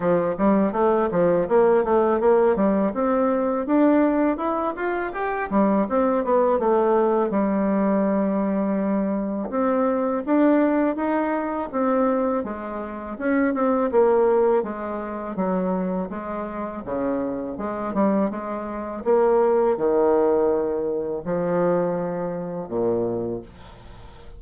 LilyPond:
\new Staff \with { instrumentName = "bassoon" } { \time 4/4 \tempo 4 = 82 f8 g8 a8 f8 ais8 a8 ais8 g8 | c'4 d'4 e'8 f'8 g'8 g8 | c'8 b8 a4 g2~ | g4 c'4 d'4 dis'4 |
c'4 gis4 cis'8 c'8 ais4 | gis4 fis4 gis4 cis4 | gis8 g8 gis4 ais4 dis4~ | dis4 f2 ais,4 | }